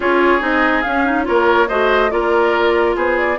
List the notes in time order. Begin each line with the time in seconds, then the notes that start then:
0.00 C#4 F4 G#4 C#5
0.40 C4 D#4 D#5
0.82 C#4 F5
1.05 D#4
1.24 A#3 F4 A#4 C#5
1.68 A3 F#4 C5 D#5
2.10 A#3 F4 A#4 D5
2.95 B3 G#4 C5
3.18 D5